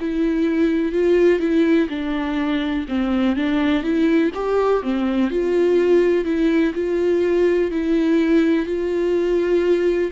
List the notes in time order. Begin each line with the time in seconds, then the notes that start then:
0.00 E4
0.92 F4
1.39 E4
1.89 D4
2.88 C4
3.36 D4
3.83 E4
4.34 G4
4.83 C4
5.30 F4
6.25 E4
6.74 F4
7.71 E4
8.66 F4